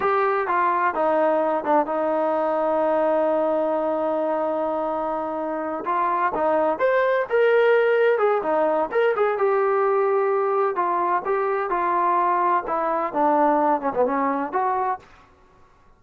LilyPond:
\new Staff \with { instrumentName = "trombone" } { \time 4/4 \tempo 4 = 128 g'4 f'4 dis'4. d'8 | dis'1~ | dis'1~ | dis'8 f'4 dis'4 c''4 ais'8~ |
ais'4. gis'8 dis'4 ais'8 gis'8 | g'2. f'4 | g'4 f'2 e'4 | d'4. cis'16 b16 cis'4 fis'4 | }